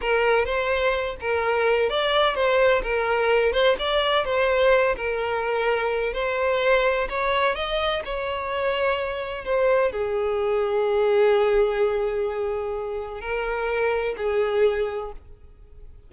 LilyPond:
\new Staff \with { instrumentName = "violin" } { \time 4/4 \tempo 4 = 127 ais'4 c''4. ais'4. | d''4 c''4 ais'4. c''8 | d''4 c''4. ais'4.~ | ais'4 c''2 cis''4 |
dis''4 cis''2. | c''4 gis'2.~ | gis'1 | ais'2 gis'2 | }